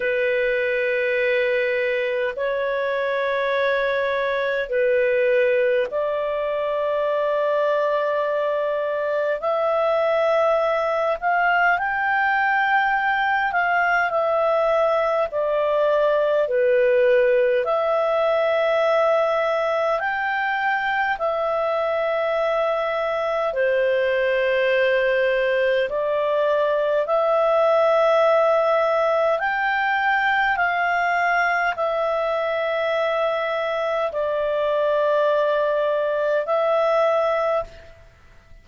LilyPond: \new Staff \with { instrumentName = "clarinet" } { \time 4/4 \tempo 4 = 51 b'2 cis''2 | b'4 d''2. | e''4. f''8 g''4. f''8 | e''4 d''4 b'4 e''4~ |
e''4 g''4 e''2 | c''2 d''4 e''4~ | e''4 g''4 f''4 e''4~ | e''4 d''2 e''4 | }